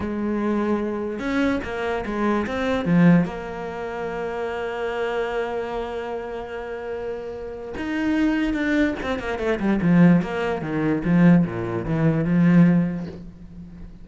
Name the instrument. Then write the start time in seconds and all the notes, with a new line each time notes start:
cello
0.00 G#3
1.19 C#4
1.64 A#3
2.05 G#3
2.46 C4
2.85 F3
3.25 A#3
7.76 D#4
8.53 D4
9.02 C4
9.19 A#3
9.38 A3
9.59 G3
9.82 F3
10.22 A#3
10.61 D#3
11.04 F3
11.45 A#2
11.85 E3
12.24 F3